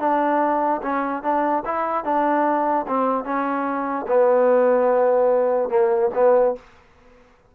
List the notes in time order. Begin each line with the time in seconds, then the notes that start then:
0.00 D4
0.82 C#4
1.23 D4
1.66 E4
2.05 D4
2.88 C4
3.25 C#4
4.08 B3
5.70 A#3
6.15 B3